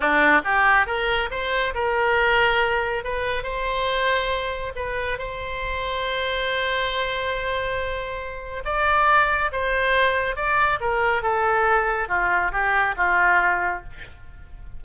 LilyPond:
\new Staff \with { instrumentName = "oboe" } { \time 4/4 \tempo 4 = 139 d'4 g'4 ais'4 c''4 | ais'2. b'4 | c''2. b'4 | c''1~ |
c''1 | d''2 c''2 | d''4 ais'4 a'2 | f'4 g'4 f'2 | }